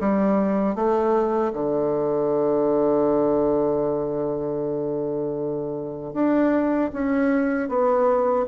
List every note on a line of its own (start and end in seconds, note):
0.00 0.75 G3
0.75 1.52 A3
1.53 6.14 D3
6.14 6.91 D4
6.93 7.69 C#4
7.69 8.46 B3